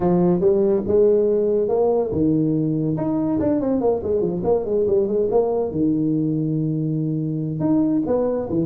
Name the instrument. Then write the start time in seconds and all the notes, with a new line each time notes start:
tuba
0.00 F3
0.40 G3
0.87 G#3
1.68 A#3
2.12 D#3
2.97 D#4
3.39 D4
3.60 C4
3.80 A#3
4.03 G#3
4.21 F3
4.43 A#3
4.65 G#3
4.86 G3
5.07 G#3
5.30 A#3
5.71 D#3
7.60 D#4
8.06 B3
8.49 E3